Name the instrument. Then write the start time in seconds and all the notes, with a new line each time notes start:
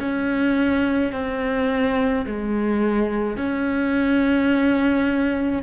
cello
0.00 C#4
1.13 C4
2.27 G#3
3.37 C#4